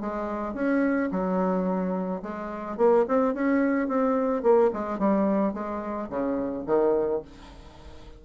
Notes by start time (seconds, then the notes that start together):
0.00 G#3
0.54 C#4
1.11 F#3
2.22 G#3
2.77 A#3
3.08 C4
3.34 C#4
3.88 C4
4.43 A#3
4.73 G#3
4.98 G3
5.53 G#3
6.09 C#3
6.66 D#3